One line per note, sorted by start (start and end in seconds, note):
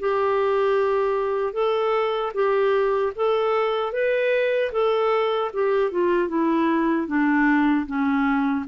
0.00 1.54 G4
1.54 2.33 A4
2.34 3.13 G4
3.16 3.93 A4
3.93 4.72 B4
4.73 5.52 A4
5.54 5.92 G4
5.92 6.29 F4
6.29 7.08 E4
7.08 7.87 D4
7.87 8.66 C#4